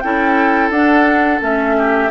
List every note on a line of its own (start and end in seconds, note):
0.00 0.70 C#4
0.00 0.72 E4
0.00 1.76 A4
0.00 0.69 G5
0.70 1.39 D4
0.70 1.41 D4
0.70 1.40 F#5
1.41 2.10 A3
1.41 2.09 C#4
1.41 2.10 E5
1.77 2.10 G4